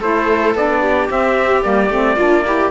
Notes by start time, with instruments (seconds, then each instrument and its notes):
0.00 cello A3, saxophone E4, viola A4, trumpet C5
0.55 cello B3, saxophone D4, trumpet D5
0.81 viola G4
1.09 saxophone C4, cello C4, trumpet E5
1.63 cello G3, saxophone A#3, trumpet D5
1.90 cello A3, saxophone C4
2.16 cello A#3, saxophone D4, viola F4
2.45 saxophone E4, viola G4